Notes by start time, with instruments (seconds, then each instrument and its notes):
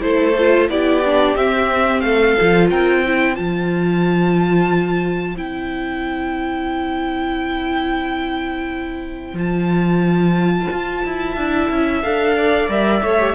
0.00 cello A3, viola E4, violin A4 C5
0.38 viola F4
0.69 cello B3, viola E4, violin G4 D5
1.05 viola D4
1.36 cello C4, viola C4, violin E5
2.00 cello A3, violin A4 F5
2.41 cello F3, viola F4
2.70 cello C4, violin A#4 G5
3.01 viola E4, violin C5
3.35 cello F3, viola F4, violin A5
5.36 cello C4, viola E4, violin G5
9.33 cello F3, viola F4, violin A5
10.71 cello F4
11.04 cello E4
11.32 cello D4, viola E4, violin E5
11.70 cello C#4
12.02 cello D4, viola A4, violin F5
12.37 violin D5
12.68 cello G3, viola A#4, violin E5
13.02 cello A3, viola A4, violin C#5
13.19 viola G4